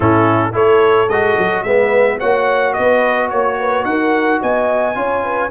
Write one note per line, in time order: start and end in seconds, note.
0.00 0.54 A2
0.00 0.52 C#4
0.00 0.54 E4
0.00 0.54 A4
0.52 1.08 A3
0.52 1.07 E4
0.52 1.65 A4
0.52 1.09 C#5
1.08 1.36 G#3
1.08 1.66 F#4
1.08 1.63 D#5
1.38 1.63 F#3
1.63 2.18 G#3
1.63 2.20 B3
1.63 2.18 B4
1.63 2.18 E5
2.18 2.78 A#3
2.18 4.94 F#4
2.18 2.73 C#5
2.18 2.73 F#5
2.73 3.31 B3
2.73 3.28 B4
2.73 3.28 D#5
3.28 3.84 A#3
3.28 3.56 C#5
3.28 3.85 C#5
3.59 3.86 B4
3.84 4.39 D#4
3.84 4.40 A#4
3.84 4.40 F#5
4.40 4.95 B3
4.40 4.95 D#5
4.40 5.51 G#5
4.94 5.50 C#4
4.94 5.50 F4
4.94 5.23 C#5
5.23 5.51 B4